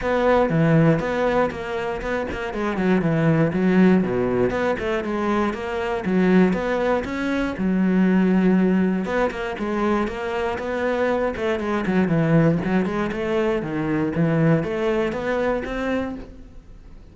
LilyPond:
\new Staff \with { instrumentName = "cello" } { \time 4/4 \tempo 4 = 119 b4 e4 b4 ais4 | b8 ais8 gis8 fis8 e4 fis4 | b,4 b8 a8 gis4 ais4 | fis4 b4 cis'4 fis4~ |
fis2 b8 ais8 gis4 | ais4 b4. a8 gis8 fis8 | e4 fis8 gis8 a4 dis4 | e4 a4 b4 c'4 | }